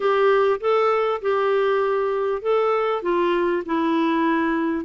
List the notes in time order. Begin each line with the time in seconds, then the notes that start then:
0.00 G4
0.60 A4
1.21 G4
2.42 A4
3.02 F4
3.65 E4